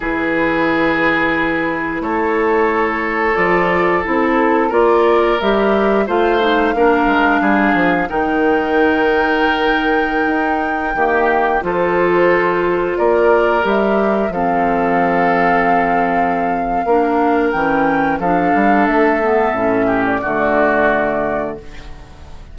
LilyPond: <<
  \new Staff \with { instrumentName = "flute" } { \time 4/4 \tempo 4 = 89 b'2. cis''4~ | cis''4 d''4 a'4 d''4 | e''4 f''2. | g''1~ |
g''4~ g''16 c''2 d''8.~ | d''16 e''4 f''2~ f''8.~ | f''2 g''4 f''4 | e''4.~ e''16 d''2~ d''16 | }
  \new Staff \with { instrumentName = "oboe" } { \time 4/4 gis'2. a'4~ | a'2. ais'4~ | ais'4 c''4 ais'4 gis'4 | ais'1~ |
ais'16 g'4 a'2 ais'8.~ | ais'4~ ais'16 a'2~ a'8.~ | a'4 ais'2 a'4~ | a'4. g'8 fis'2 | }
  \new Staff \with { instrumentName = "clarinet" } { \time 4/4 e'1~ | e'4 f'4 e'4 f'4 | g'4 f'8 dis'8 d'2 | dis'1~ |
dis'16 ais4 f'2~ f'8.~ | f'16 g'4 c'2~ c'8.~ | c'4 d'4 cis'4 d'4~ | d'8 b8 cis'4 a2 | }
  \new Staff \with { instrumentName = "bassoon" } { \time 4/4 e2. a4~ | a4 f4 c'4 ais4 | g4 a4 ais8 gis8 g8 f8 | dis2.~ dis16 dis'8.~ |
dis'16 dis4 f2 ais8.~ | ais16 g4 f2~ f8.~ | f4 ais4 e4 f8 g8 | a4 a,4 d2 | }
>>